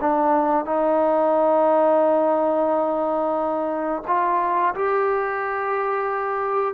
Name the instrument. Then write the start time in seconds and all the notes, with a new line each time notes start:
trombone
0.00 D4
0.65 D#4
4.07 F4
4.74 G4